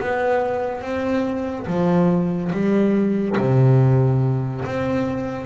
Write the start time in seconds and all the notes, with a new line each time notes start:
0.00 B3
0.82 C4
1.67 F3
2.53 G3
3.38 C3
4.65 C4